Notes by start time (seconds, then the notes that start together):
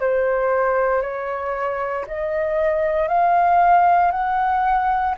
0.00 C5
1.02 C#5
2.07 D#5
3.08 F5
4.11 F#5